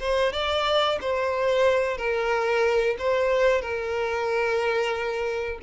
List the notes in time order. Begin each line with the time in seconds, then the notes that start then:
0.00 C5
0.33 D5
1.01 C5
1.98 A#4
2.99 C5
3.61 A#4